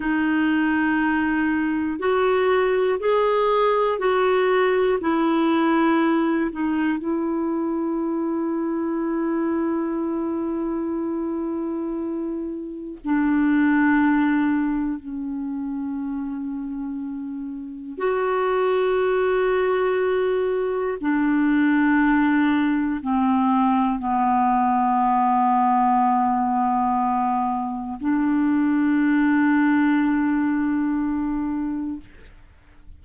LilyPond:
\new Staff \with { instrumentName = "clarinet" } { \time 4/4 \tempo 4 = 60 dis'2 fis'4 gis'4 | fis'4 e'4. dis'8 e'4~ | e'1~ | e'4 d'2 cis'4~ |
cis'2 fis'2~ | fis'4 d'2 c'4 | b1 | d'1 | }